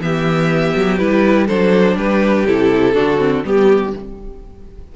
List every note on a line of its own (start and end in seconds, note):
0.00 0.74 E3
0.00 0.99 B3
0.00 1.47 G4
0.00 0.98 E5
0.76 1.00 F#3
0.98 1.49 G3
0.98 1.48 E4
0.98 1.47 B4
1.47 1.96 F#3
1.47 2.47 D4
1.47 1.96 A4
1.47 1.97 C5
1.96 2.45 G3
1.96 2.95 G4
1.96 2.46 B4
2.46 2.95 C3
2.46 2.94 E4
2.46 3.45 A4
2.94 3.44 D3
2.94 3.17 D4
2.94 3.44 F#4
3.17 3.42 C4
3.44 3.93 G3
3.44 3.93 B3
3.44 3.95 G4
3.44 3.96 G4